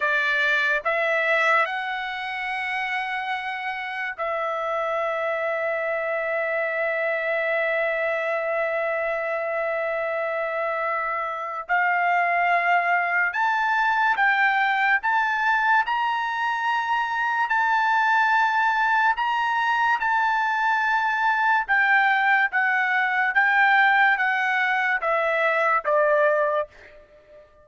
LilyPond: \new Staff \with { instrumentName = "trumpet" } { \time 4/4 \tempo 4 = 72 d''4 e''4 fis''2~ | fis''4 e''2.~ | e''1~ | e''2 f''2 |
a''4 g''4 a''4 ais''4~ | ais''4 a''2 ais''4 | a''2 g''4 fis''4 | g''4 fis''4 e''4 d''4 | }